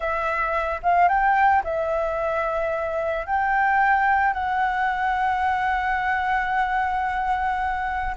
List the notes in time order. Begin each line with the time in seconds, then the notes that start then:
0.00 E5
0.83 F5
1.08 G5
1.64 E5
3.26 G5
4.33 F#5